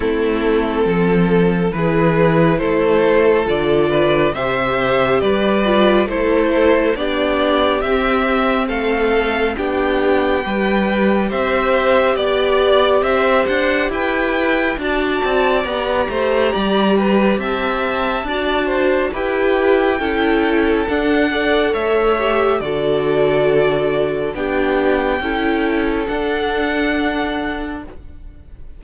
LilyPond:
<<
  \new Staff \with { instrumentName = "violin" } { \time 4/4 \tempo 4 = 69 a'2 b'4 c''4 | d''4 e''4 d''4 c''4 | d''4 e''4 f''4 g''4~ | g''4 e''4 d''4 e''8 fis''8 |
g''4 a''4 ais''2 | a''2 g''2 | fis''4 e''4 d''2 | g''2 fis''2 | }
  \new Staff \with { instrumentName = "violin" } { \time 4/4 e'4 a'4 gis'4 a'4~ | a'8 b'8 c''4 b'4 a'4 | g'2 a'4 g'4 | b'4 c''4 d''4 c''4 |
b'4 d''4. c''8 d''8 b'8 | e''4 d''8 c''8 b'4 a'4~ | a'8 d''8 cis''4 a'2 | g'4 a'2. | }
  \new Staff \with { instrumentName = "viola" } { \time 4/4 c'2 e'2 | f'4 g'4. f'8 e'4 | d'4 c'2 d'4 | g'1~ |
g'4 fis'4 g'2~ | g'4 fis'4 g'4 e'4 | d'8 a'4 g'8 fis'2 | d'4 e'4 d'2 | }
  \new Staff \with { instrumentName = "cello" } { \time 4/4 a4 f4 e4 a4 | d4 c4 g4 a4 | b4 c'4 a4 b4 | g4 c'4 b4 c'8 d'8 |
e'4 d'8 c'8 b8 a8 g4 | c'4 d'4 e'4 cis'4 | d'4 a4 d2 | b4 cis'4 d'2 | }
>>